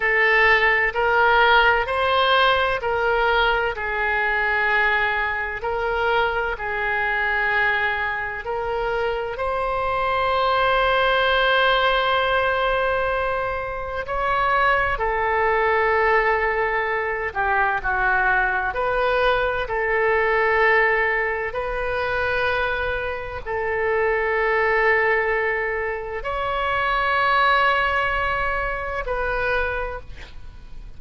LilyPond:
\new Staff \with { instrumentName = "oboe" } { \time 4/4 \tempo 4 = 64 a'4 ais'4 c''4 ais'4 | gis'2 ais'4 gis'4~ | gis'4 ais'4 c''2~ | c''2. cis''4 |
a'2~ a'8 g'8 fis'4 | b'4 a'2 b'4~ | b'4 a'2. | cis''2. b'4 | }